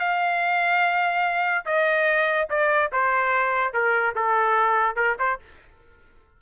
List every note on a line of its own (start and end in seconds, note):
0.00 1.66 F5
1.66 2.49 D#5
2.50 2.92 D5
2.93 3.74 C5
3.74 4.15 A#4
4.16 4.96 A4
4.96 5.17 A#4
5.19 5.40 C5